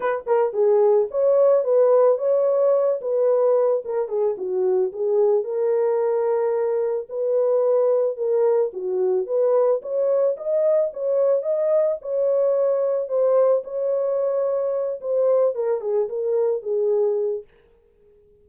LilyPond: \new Staff \with { instrumentName = "horn" } { \time 4/4 \tempo 4 = 110 b'8 ais'8 gis'4 cis''4 b'4 | cis''4. b'4. ais'8 gis'8 | fis'4 gis'4 ais'2~ | ais'4 b'2 ais'4 |
fis'4 b'4 cis''4 dis''4 | cis''4 dis''4 cis''2 | c''4 cis''2~ cis''8 c''8~ | c''8 ais'8 gis'8 ais'4 gis'4. | }